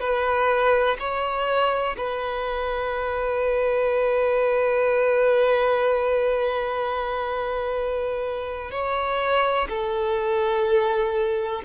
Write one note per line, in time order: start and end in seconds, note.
0.00 0.97 B4
0.99 1.96 C#5
1.97 8.71 B4
8.71 9.68 C#5
9.69 11.62 A4